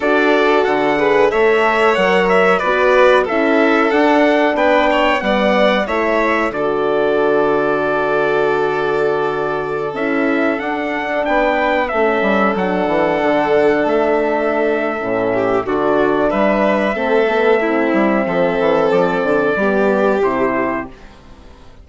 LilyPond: <<
  \new Staff \with { instrumentName = "trumpet" } { \time 4/4 \tempo 4 = 92 d''4 fis''4 e''4 fis''8 e''8 | d''4 e''4 fis''4 g''4 | fis''4 e''4 d''2~ | d''2.~ d''16 e''8.~ |
e''16 fis''4 g''4 e''4 fis''8.~ | fis''4~ fis''16 e''2~ e''8. | d''4 e''2.~ | e''4 d''2 c''4 | }
  \new Staff \with { instrumentName = "violin" } { \time 4/4 a'4. b'8 cis''2 | b'4 a'2 b'8 cis''8 | d''4 cis''4 a'2~ | a'1~ |
a'4~ a'16 b'4 a'4.~ a'16~ | a'2.~ a'8 g'8 | fis'4 b'4 a'4 e'4 | a'2 g'2 | }
  \new Staff \with { instrumentName = "horn" } { \time 4/4 fis'4. gis'8 a'4 ais'4 | fis'4 e'4 d'2 | b4 e'4 fis'2~ | fis'2.~ fis'16 e'8.~ |
e'16 d'2 cis'4 d'8.~ | d'2. cis'4 | d'2 c'8 b8 c'4~ | c'2 b4 e'4 | }
  \new Staff \with { instrumentName = "bassoon" } { \time 4/4 d'4 d4 a4 fis4 | b4 cis'4 d'4 b4 | g4 a4 d2~ | d2.~ d16 cis'8.~ |
cis'16 d'4 b4 a8 g8 fis8 e16~ | e16 d4 a4.~ a16 a,4 | d4 g4 a4. g8 | f8 e8 f8 d8 g4 c4 | }
>>